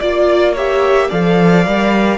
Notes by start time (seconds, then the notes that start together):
0.00 A#3 F4 D5
0.53 G4 C#5 E5
1.09 F3 A4 D5 F5
1.66 G3 A#4